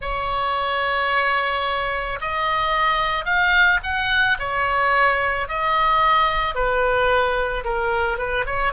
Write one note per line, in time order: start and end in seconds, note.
0.00 2.19 C#5
2.21 3.25 D#5
3.25 3.79 F5
3.83 4.37 F#5
4.39 5.48 C#5
5.48 6.55 D#5
6.55 7.64 B4
7.64 8.18 A#4
8.18 8.45 B4
8.45 8.72 C#5